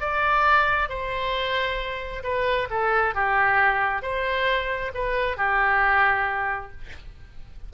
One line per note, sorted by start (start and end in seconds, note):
0.00 0.89 D5
0.89 2.23 C5
2.23 2.68 B4
2.70 3.14 A4
3.14 4.02 G4
4.02 4.91 C5
4.94 5.36 B4
5.36 6.71 G4